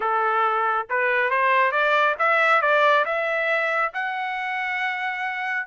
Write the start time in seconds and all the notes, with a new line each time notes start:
0.00 A4
0.89 B4
1.30 C5
1.71 D5
2.18 E5
2.61 D5
3.05 E5
3.93 F#5